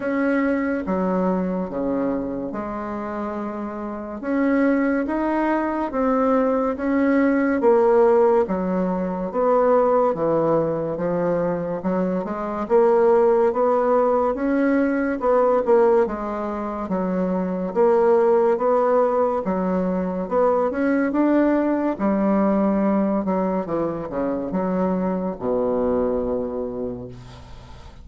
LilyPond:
\new Staff \with { instrumentName = "bassoon" } { \time 4/4 \tempo 4 = 71 cis'4 fis4 cis4 gis4~ | gis4 cis'4 dis'4 c'4 | cis'4 ais4 fis4 b4 | e4 f4 fis8 gis8 ais4 |
b4 cis'4 b8 ais8 gis4 | fis4 ais4 b4 fis4 | b8 cis'8 d'4 g4. fis8 | e8 cis8 fis4 b,2 | }